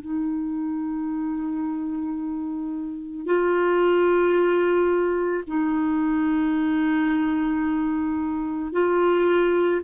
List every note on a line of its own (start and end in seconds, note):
0.00 3.25 D#4
3.25 5.43 F4
5.46 8.72 D#4
8.72 9.81 F4